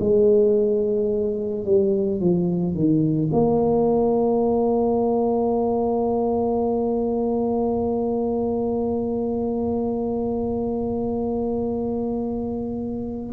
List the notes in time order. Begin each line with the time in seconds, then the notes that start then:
0.00 G#3
1.65 G3
2.21 F3
2.75 D#3
3.33 A#3